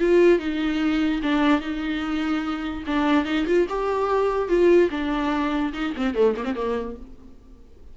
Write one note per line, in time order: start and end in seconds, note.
0.00 0.39 F4
0.39 1.22 D#4
1.23 1.61 D4
1.61 2.84 D#4
2.87 3.26 D4
3.26 3.46 D#4
3.47 3.68 F4
3.69 4.49 G4
4.49 4.90 F4
4.91 5.73 D4
5.73 5.94 D#4
5.97 6.15 C4
6.15 6.36 A3
6.37 6.45 A#3
6.45 6.55 C4
6.55 6.97 A#3